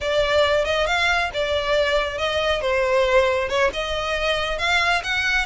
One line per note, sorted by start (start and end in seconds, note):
0.00 0.64 D5
0.64 0.86 D#5
0.86 1.30 F5
1.33 2.17 D5
2.17 2.61 D#5
2.61 3.48 C5
3.48 3.70 C#5
3.73 4.58 D#5
4.58 5.02 F5
5.03 5.45 F#5